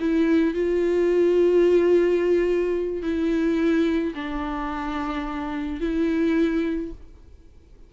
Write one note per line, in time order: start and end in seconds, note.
0.00 0.54 E4
0.54 3.02 F4
3.02 4.13 E4
4.15 5.80 D4
5.80 6.91 E4